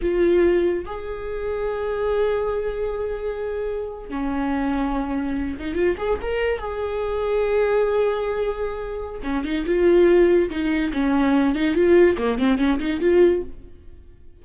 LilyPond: \new Staff \with { instrumentName = "viola" } { \time 4/4 \tempo 4 = 143 f'2 gis'2~ | gis'1~ | gis'4.~ gis'16 cis'2~ cis'16~ | cis'4~ cis'16 dis'8 f'8 gis'8 ais'4 gis'16~ |
gis'1~ | gis'2 cis'8 dis'8 f'4~ | f'4 dis'4 cis'4. dis'8 | f'4 ais8 c'8 cis'8 dis'8 f'4 | }